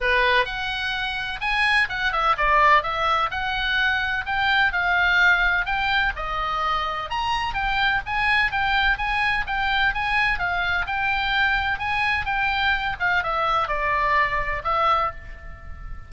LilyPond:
\new Staff \with { instrumentName = "oboe" } { \time 4/4 \tempo 4 = 127 b'4 fis''2 gis''4 | fis''8 e''8 d''4 e''4 fis''4~ | fis''4 g''4 f''2 | g''4 dis''2 ais''4 |
g''4 gis''4 g''4 gis''4 | g''4 gis''4 f''4 g''4~ | g''4 gis''4 g''4. f''8 | e''4 d''2 e''4 | }